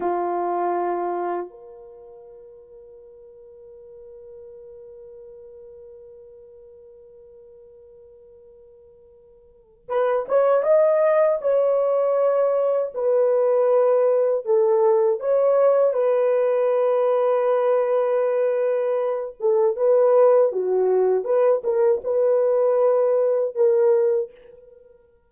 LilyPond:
\new Staff \with { instrumentName = "horn" } { \time 4/4 \tempo 4 = 79 f'2 ais'2~ | ais'1~ | ais'1~ | ais'4 b'8 cis''8 dis''4 cis''4~ |
cis''4 b'2 a'4 | cis''4 b'2.~ | b'4. a'8 b'4 fis'4 | b'8 ais'8 b'2 ais'4 | }